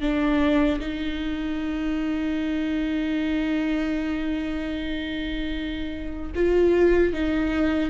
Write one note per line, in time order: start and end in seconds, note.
0.00 0.79 D4
0.79 6.32 D#4
6.34 7.13 F4
7.13 7.90 D#4